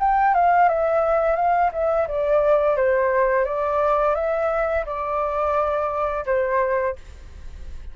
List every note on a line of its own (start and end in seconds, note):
0.00 0.35 G5
0.35 0.69 F5
0.69 1.36 E5
1.36 1.71 F5
1.73 2.08 E5
2.08 2.77 D5
2.77 3.46 C5
3.46 4.15 D5
4.15 4.85 E5
4.86 6.26 D5
6.26 6.96 C5